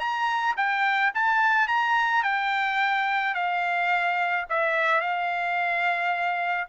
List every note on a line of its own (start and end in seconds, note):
0.00 0.56 A#5
0.57 1.13 G5
1.15 1.68 A5
1.68 2.23 A#5
2.23 3.35 G5
3.35 4.46 F5
4.50 5.01 E5
5.01 6.68 F5